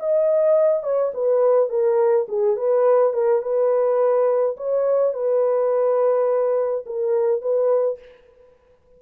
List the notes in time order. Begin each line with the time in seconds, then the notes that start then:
0.00 D#5
0.83 C#5
1.14 B4
1.70 A#4
2.29 G#4
2.57 B4
3.14 A#4
3.42 B4
4.57 C#5
5.14 B4
6.86 A#4
7.42 B4